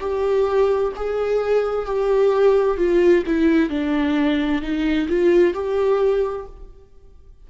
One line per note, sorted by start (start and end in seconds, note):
0.00 0.92 G4
0.96 1.85 G#4
1.85 2.77 G4
2.77 3.23 F4
3.26 3.69 E4
3.69 4.62 D4
4.62 5.08 D#4
5.09 5.54 F4
5.54 6.46 G4